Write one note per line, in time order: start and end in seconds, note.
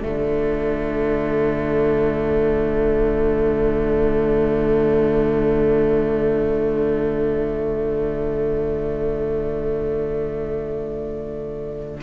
0.00 12.03 D3
0.00 12.03 A3
0.00 12.02 F4
0.00 12.00 D5